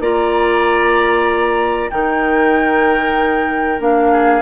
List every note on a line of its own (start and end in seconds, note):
0.00 1.89 A#3
0.00 1.91 F4
0.00 1.91 D5
0.00 1.90 A#5
1.90 3.80 D#3
1.90 3.79 D#4
1.90 4.12 A#4
1.90 3.79 G5
3.79 4.42 A#3
3.79 4.42 D4
3.79 4.42 F5
4.12 4.42 G#4